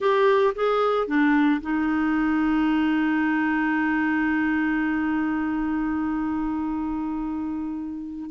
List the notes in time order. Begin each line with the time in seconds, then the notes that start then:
0.00 G4
0.55 G#4
1.07 D4
1.61 D#4